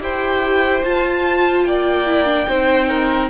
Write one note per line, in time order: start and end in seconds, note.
0.00 0.82 E4
0.00 0.83 G4
0.00 1.67 C5
0.00 0.84 G5
0.84 2.07 F4
0.84 1.65 F4
0.84 1.65 A5
1.65 2.47 A#3
1.65 2.49 D5
1.65 3.29 G5
2.07 2.26 E4
2.26 2.46 D4
2.48 3.30 C4
2.48 3.30 D#4
2.48 2.89 C5
2.89 3.30 A#4